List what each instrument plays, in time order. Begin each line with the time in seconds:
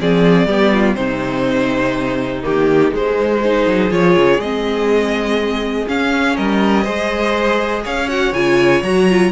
0.00 cello F3, viola C4, violin G#4 D5
0.46 cello G3, viola B3, violin G4
0.73 violin F4
0.95 cello C3, viola C4, violin D#4 C5
2.43 cello D#3, viola A#3, violin G4
2.90 viola G#3, cello G#3, violin C5
3.42 viola D#4, violin G#4
3.67 cello F#3
3.90 cello F3, viola F4, violin C#5
4.17 cello C#3
4.39 cello G#3, viola C4, violin D#5
5.88 cello C#4, viola C#4, violin F5
6.36 cello G3, violin A#4 D#5
6.84 cello G#3, viola G#4, violin C5
7.84 cello C#4, violin C#5 F5
8.08 viola F#4, violin F#5
8.33 cello C#3, viola F4, violin G#5
8.82 cello F#3, viola F#4, violin A#5
9.10 viola F4